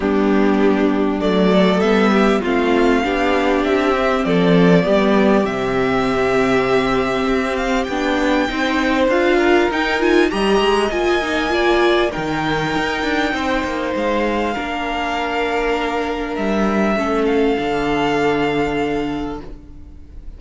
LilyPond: <<
  \new Staff \with { instrumentName = "violin" } { \time 4/4 \tempo 4 = 99 g'2 d''4 e''4 | f''2 e''4 d''4~ | d''4 e''2.~ | e''8 f''8 g''2 f''4 |
g''8 gis''8 ais''4 gis''2 | g''2. f''4~ | f''2. e''4~ | e''8 f''2.~ f''8 | }
  \new Staff \with { instrumentName = "violin" } { \time 4/4 d'2~ d'8 a'4 g'8 | f'4 g'2 a'4 | g'1~ | g'2 c''4. ais'8~ |
ais'4 dis''2 d''4 | ais'2 c''2 | ais'1 | a'1 | }
  \new Staff \with { instrumentName = "viola" } { \time 4/4 b2 a4 b4 | c'4 d'4. c'4. | b4 c'2.~ | c'4 d'4 dis'4 f'4 |
dis'8 f'8 g'4 f'8 dis'8 f'4 | dis'1 | d'1 | cis'4 d'2. | }
  \new Staff \with { instrumentName = "cello" } { \time 4/4 g2 fis4 g4 | a4 b4 c'4 f4 | g4 c2. | c'4 b4 c'4 d'4 |
dis'4 g8 gis8 ais2 | dis4 dis'8 d'8 c'8 ais8 gis4 | ais2. g4 | a4 d2. | }
>>